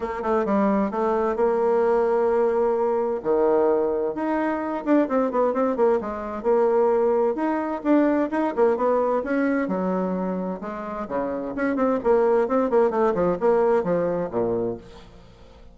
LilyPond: \new Staff \with { instrumentName = "bassoon" } { \time 4/4 \tempo 4 = 130 ais8 a8 g4 a4 ais4~ | ais2. dis4~ | dis4 dis'4. d'8 c'8 b8 | c'8 ais8 gis4 ais2 |
dis'4 d'4 dis'8 ais8 b4 | cis'4 fis2 gis4 | cis4 cis'8 c'8 ais4 c'8 ais8 | a8 f8 ais4 f4 ais,4 | }